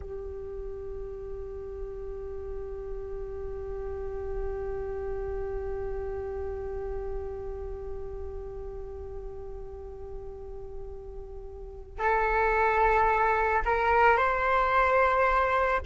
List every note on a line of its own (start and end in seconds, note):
0.00 11.99 G4
11.99 13.62 A4
13.65 14.17 A#4
14.17 15.80 C5